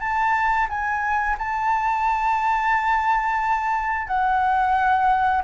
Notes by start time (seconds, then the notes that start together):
0.00 A5
0.69 G#5
1.38 A5
4.07 F#5